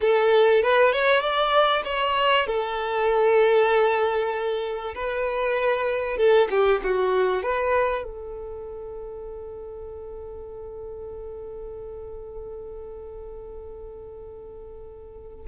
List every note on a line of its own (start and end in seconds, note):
0.00 0.62 A4
0.62 0.92 B4
0.92 1.20 C#5
1.20 1.82 D5
1.84 2.46 C#5
2.46 4.94 A4
4.95 6.17 B4
6.17 6.48 A4
6.50 6.81 G4
6.83 7.43 F#4
7.43 8.03 B4
8.03 15.46 A4